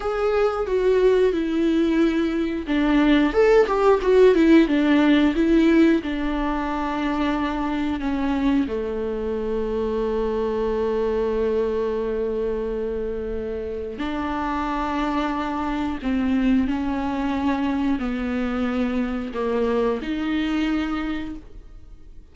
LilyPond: \new Staff \with { instrumentName = "viola" } { \time 4/4 \tempo 4 = 90 gis'4 fis'4 e'2 | d'4 a'8 g'8 fis'8 e'8 d'4 | e'4 d'2. | cis'4 a2.~ |
a1~ | a4 d'2. | c'4 cis'2 b4~ | b4 ais4 dis'2 | }